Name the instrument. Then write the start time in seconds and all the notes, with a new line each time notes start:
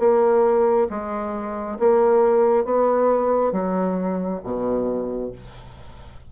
bassoon
0.00 A#3
0.90 G#3
1.80 A#3
2.65 B3
3.53 F#3
4.44 B2